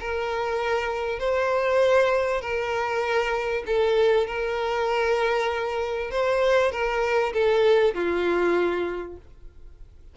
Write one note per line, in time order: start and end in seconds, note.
0.00 1.19 A#4
1.19 2.41 C5
2.41 3.64 A#4
3.67 4.27 A4
4.27 6.11 A#4
6.11 6.72 C5
6.72 7.33 A#4
7.33 7.94 A4
7.95 9.17 F4